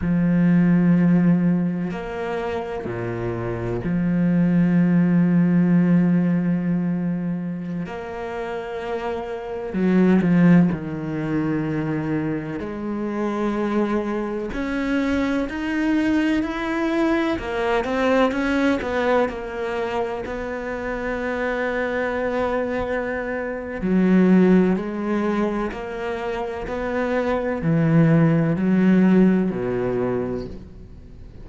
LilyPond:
\new Staff \with { instrumentName = "cello" } { \time 4/4 \tempo 4 = 63 f2 ais4 ais,4 | f1~ | f16 ais2 fis8 f8 dis8.~ | dis4~ dis16 gis2 cis'8.~ |
cis'16 dis'4 e'4 ais8 c'8 cis'8 b16~ | b16 ais4 b2~ b8.~ | b4 fis4 gis4 ais4 | b4 e4 fis4 b,4 | }